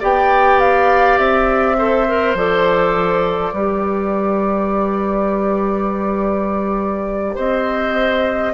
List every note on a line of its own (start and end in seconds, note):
0.00 1.18 B3
0.00 1.77 G4
0.00 1.76 D5
0.00 0.60 G5
0.60 1.18 F5
1.18 2.35 C4
1.18 2.36 E5
1.78 2.07 A4
1.78 3.54 C5
2.08 2.37 A#4
2.35 3.52 F3
2.35 3.53 A4
2.35 7.37 D5
3.53 7.36 G3
3.53 8.53 G4
3.53 7.35 B4
7.35 8.54 C4
7.35 8.53 C5
7.35 8.54 D#5